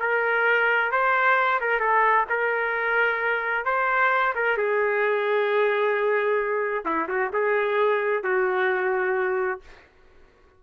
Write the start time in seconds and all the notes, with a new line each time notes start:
0.00 A#4
0.91 C5
1.61 A#4
1.80 A4
2.29 A#4
3.65 C5
4.35 A#4
4.57 G#4
6.85 E4
7.08 F#4
7.33 G#4
8.23 F#4